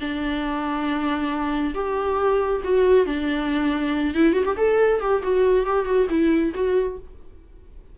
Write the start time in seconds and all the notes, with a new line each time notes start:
0.00 D4
1.74 G4
2.64 F#4
3.06 D4
4.14 E4
4.33 F#4
4.45 G4
4.57 A4
5.00 G4
5.22 F#4
5.66 G4
5.85 F#4
6.09 E4
6.54 F#4